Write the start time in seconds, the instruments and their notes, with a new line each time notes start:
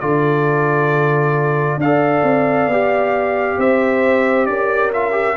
0.00 tuba D3, trombone F4, horn A4, trumpet D5
1.77 tuba D4, horn D5, trumpet F5
1.84 trombone A4
2.23 tuba C4
2.67 tuba B3, trombone G4
3.57 tuba C4, horn C5, trumpet E5
4.46 tuba C#4, horn A#4, trumpet D5
4.93 trombone F4, trumpet E5
5.11 trombone G4